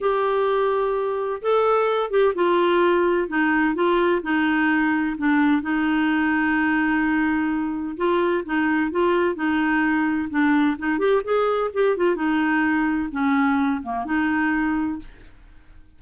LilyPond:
\new Staff \with { instrumentName = "clarinet" } { \time 4/4 \tempo 4 = 128 g'2. a'4~ | a'8 g'8 f'2 dis'4 | f'4 dis'2 d'4 | dis'1~ |
dis'4 f'4 dis'4 f'4 | dis'2 d'4 dis'8 g'8 | gis'4 g'8 f'8 dis'2 | cis'4. ais8 dis'2 | }